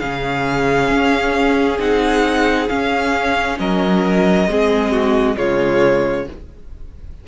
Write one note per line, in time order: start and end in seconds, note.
0.00 0.90 C#3
0.00 1.79 C#4
0.00 3.58 G#4
0.00 1.79 F5
0.90 1.79 C#4
1.79 2.69 C4
1.79 2.69 D#4
1.79 2.69 F#5
2.69 4.48 C#4
2.69 3.60 C#4
2.69 3.58 F5
3.60 4.48 F#3
3.60 4.50 A#4
3.60 5.38 D#5
4.48 5.37 G#3
4.48 5.35 C4
4.48 4.92 G#4
4.92 5.36 F#4
5.35 6.28 C#3
5.35 6.25 G#3
5.35 6.27 F4
5.35 6.27 C#5